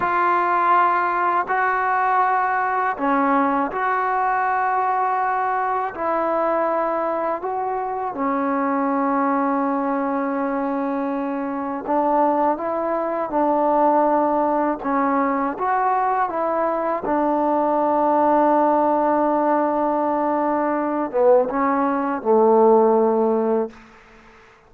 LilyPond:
\new Staff \with { instrumentName = "trombone" } { \time 4/4 \tempo 4 = 81 f'2 fis'2 | cis'4 fis'2. | e'2 fis'4 cis'4~ | cis'1 |
d'4 e'4 d'2 | cis'4 fis'4 e'4 d'4~ | d'1~ | d'8 b8 cis'4 a2 | }